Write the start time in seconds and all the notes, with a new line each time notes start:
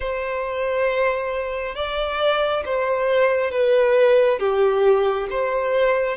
0.00 C5
1.75 D5
2.65 C5
3.51 B4
4.39 G4
5.30 C5